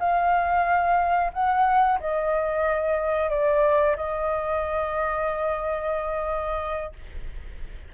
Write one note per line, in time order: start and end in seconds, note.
0.00 1.32 F5
1.34 2.00 F#5
2.00 3.30 D#5
3.30 3.96 D5
3.97 6.93 D#5